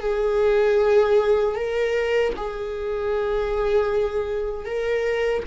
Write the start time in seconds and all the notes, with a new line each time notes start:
0.00 G#4
1.55 A#4
2.36 G#4
4.65 A#4